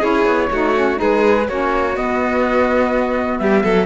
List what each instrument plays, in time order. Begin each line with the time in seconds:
0.00 cello C#4, saxophone E4, violin G#4, flute C#5
0.26 cello B3
0.51 cello A3, saxophone D#4, violin F#4
0.76 saxophone C#4
0.96 saxophone D#4, violin G#4, flute B4
1.02 cello G#3
1.48 cello A#3, saxophone C#4, violin F#4, flute C#5
1.94 saxophone B3, cello B3, flute D#5
3.39 cello G3, violin G4, flute E5
3.64 cello F#3, violin A4